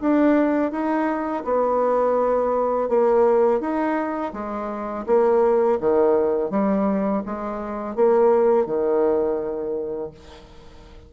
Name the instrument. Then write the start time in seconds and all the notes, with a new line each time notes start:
bassoon
0.00 D4
0.71 D#4
1.44 B3
2.88 A#3
3.60 D#4
4.33 G#3
5.06 A#3
5.80 D#3
6.50 G3
7.26 G#3
7.95 A#3
8.66 D#3